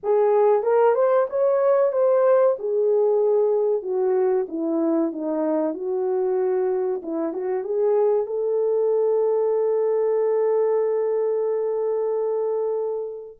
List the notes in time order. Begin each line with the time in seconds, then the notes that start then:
0.03 G#4
0.62 A#4
0.94 C5
1.29 C#5
1.92 C5
2.58 G#4
3.82 F#4
4.48 E4
5.12 D#4
5.74 F#4
7.02 E4
7.33 F#4
7.64 G#4
8.26 A4